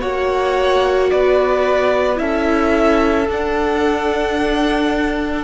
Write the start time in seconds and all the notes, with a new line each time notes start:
0.00 A#3 F#4 C#5 F#5
1.10 B3 B4 D5
2.16 C#4 E4 A4 E5
3.28 D4 F#5